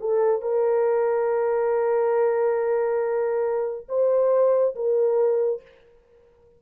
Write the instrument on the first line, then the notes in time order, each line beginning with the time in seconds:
horn
0.00 A4
0.41 A#4
3.88 C5
4.75 A#4